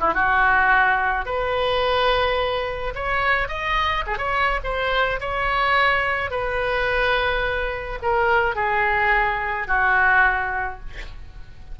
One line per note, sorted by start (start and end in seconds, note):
0.00 0.14 E4
0.14 1.26 F#4
1.26 2.94 B4
2.95 3.48 C#5
3.48 4.04 D#5
4.07 4.18 G#4
4.18 4.60 C#5
4.64 5.20 C5
5.20 6.31 C#5
6.31 7.99 B4
8.02 8.56 A#4
8.56 9.68 G#4
9.68 10.80 F#4